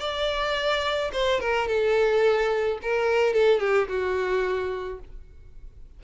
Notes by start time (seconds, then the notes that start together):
0.00 D5
1.13 C5
1.41 A#4
1.68 A4
2.82 A#4
3.34 A4
3.60 G4
3.89 F#4